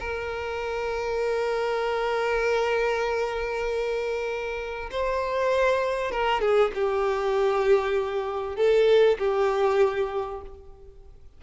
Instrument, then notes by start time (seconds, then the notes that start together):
violin
0.00 A#4
4.91 C5
6.11 A#4
6.41 G#4
6.75 G4
8.57 A4
9.19 G4